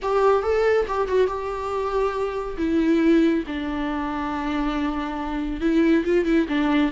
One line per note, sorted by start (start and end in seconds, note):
0.02 0.43 G4
0.43 0.86 A4
0.87 1.07 G4
1.07 1.27 F#4
1.27 2.56 G4
2.57 3.44 E4
3.46 5.60 D4
5.60 6.04 E4
6.05 6.25 F4
6.25 6.46 E4
6.48 6.91 D4